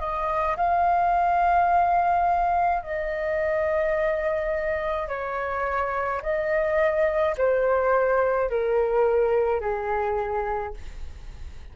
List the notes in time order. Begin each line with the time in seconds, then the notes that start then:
0.00 D#5
0.57 F5
2.83 D#5
5.09 C#5
6.23 D#5
7.38 C5
8.50 A#4
9.61 G#4